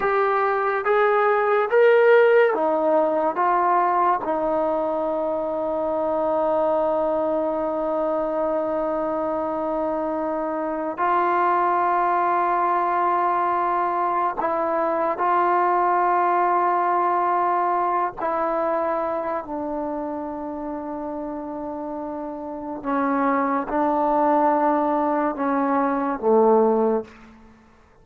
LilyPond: \new Staff \with { instrumentName = "trombone" } { \time 4/4 \tempo 4 = 71 g'4 gis'4 ais'4 dis'4 | f'4 dis'2.~ | dis'1~ | dis'4 f'2.~ |
f'4 e'4 f'2~ | f'4. e'4. d'4~ | d'2. cis'4 | d'2 cis'4 a4 | }